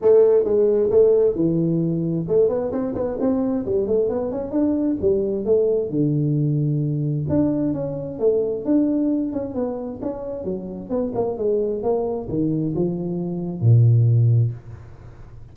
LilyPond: \new Staff \with { instrumentName = "tuba" } { \time 4/4 \tempo 4 = 132 a4 gis4 a4 e4~ | e4 a8 b8 c'8 b8 c'4 | g8 a8 b8 cis'8 d'4 g4 | a4 d2. |
d'4 cis'4 a4 d'4~ | d'8 cis'8 b4 cis'4 fis4 | b8 ais8 gis4 ais4 dis4 | f2 ais,2 | }